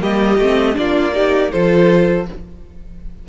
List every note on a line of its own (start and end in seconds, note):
0.00 0.38 G3
0.00 0.38 A#3
0.00 0.76 G4
0.00 0.77 D#5
0.38 0.76 A3
0.38 0.74 C4
0.74 1.53 A#3
0.74 1.11 D4
0.74 1.14 F4
0.74 1.52 D5
1.13 1.51 D#4
1.13 1.52 G4
1.52 2.28 F3
1.52 2.28 F4
1.52 2.27 A4
1.52 2.27 C5